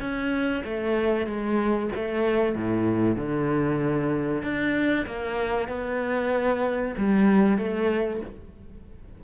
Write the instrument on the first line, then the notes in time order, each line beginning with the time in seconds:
cello
0.00 C#4
0.64 A3
1.26 G#3
1.95 A3
2.55 A2
3.16 D3
4.42 D4
5.06 A#3
5.68 B3
6.97 G3
7.58 A3